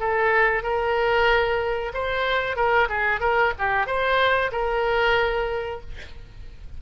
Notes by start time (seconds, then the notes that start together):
0.00 A4
0.63 A#4
1.94 C5
2.56 A#4
2.89 G#4
3.21 A#4
3.59 G4
3.87 C5
4.52 A#4